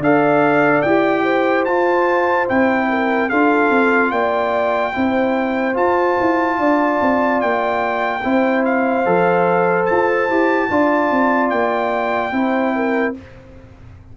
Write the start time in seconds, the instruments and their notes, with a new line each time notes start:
0.00 tuba D4, trombone A4, horn D5, trumpet F5
0.82 tuba E4, trombone G4, trumpet G5
1.24 horn C5
1.65 tuba F4, trombone F4, trumpet A5
2.48 tuba C4, trombone E4, trumpet G5
2.90 horn A#4
3.30 tuba D4, trombone F4, horn A4, trumpet F5
3.71 tuba C4
4.11 tuba A#3, horn D5, trumpet G5
4.93 tuba C4, trombone E4, horn C5
5.74 trombone F4, tuba F4, trumpet A5
6.21 tuba E4
6.59 tuba D4, horn D5
7.02 tuba C4
7.41 tuba A#3, trumpet G5
8.24 tuba C4, trombone E4, horn C5
8.65 trumpet F5
9.06 tuba F3, trombone A4
9.86 tuba F4, trumpet A5
10.29 tuba E4, trombone G4
10.70 tuba D4, trombone F4, horn D5
11.11 tuba C4
11.50 tuba A#3, trumpet G5
12.32 tuba C4, trombone E4, horn C5
12.76 horn A#4